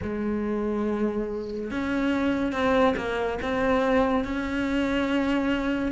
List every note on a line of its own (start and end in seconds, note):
0.02 1.70 G#3
1.70 2.52 C#4
2.52 2.94 C4
2.96 3.38 A#3
3.42 4.24 C4
4.24 5.92 C#4